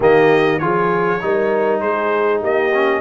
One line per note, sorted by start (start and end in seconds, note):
0.00 0.60 D#3
0.00 0.60 A#3
0.00 0.60 G4
0.00 0.59 D#5
0.59 1.21 F3
0.59 1.20 F4
0.59 1.21 G#4
0.59 1.80 C#5
1.20 1.81 G3
1.20 2.72 D#4
1.20 1.81 A#4
1.80 2.42 G#3
1.80 2.41 G#4
1.80 2.41 C5
2.41 3.00 A#3
2.41 3.00 G4
2.41 3.00 D#5
2.73 3.00 C#4